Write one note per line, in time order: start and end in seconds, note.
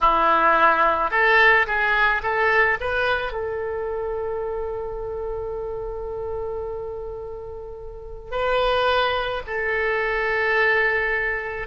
0.01 1.10 E4
1.10 1.66 A4
1.66 2.22 G#4
2.22 2.78 A4
2.80 3.32 B4
3.32 8.31 A4
8.31 9.42 B4
9.46 11.67 A4